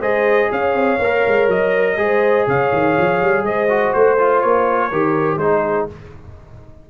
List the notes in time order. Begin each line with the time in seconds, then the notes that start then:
0.00 G#3 G#4 C5 D#5
0.51 C#4 C#5 F5
0.73 C4
0.98 A#3 A#4
1.27 G#3
1.47 F#3 D#5
1.96 G#3 G#4 C5
2.47 C#3 C#5 F5
2.72 D#3
2.98 F3
3.21 G3
3.43 G#3 C5 D#5
3.69 F#4
3.93 A3 C5
4.18 F4
4.41 A#3 C#5
4.89 D#3 G4 A#4
5.36 G#3 D#4 G#4 C5